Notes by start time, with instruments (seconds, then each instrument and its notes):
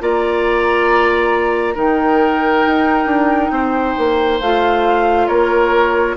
0.00 bassoon A#3, clarinet F4, oboe D5, flute A#5
1.75 bassoon D#3, clarinet D#4, oboe A#4, flute G5
2.66 bassoon D#4
3.06 bassoon D4
3.50 bassoon C4, oboe C5
3.97 bassoon A#3
4.40 bassoon A3, clarinet F4, flute F5
5.27 bassoon A#3, oboe A#4, flute C#5